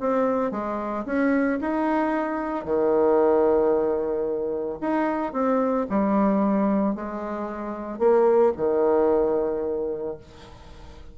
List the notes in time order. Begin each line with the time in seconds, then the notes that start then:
0.00 C4
0.51 G#3
1.06 C#4
1.61 D#4
2.65 D#3
4.81 D#4
5.33 C4
5.90 G3
6.95 G#3
7.99 A#3
8.57 D#3